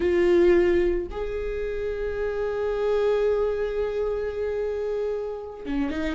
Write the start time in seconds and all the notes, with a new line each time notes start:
0.00 F4
1.10 G#4
5.65 C#4
5.90 D#4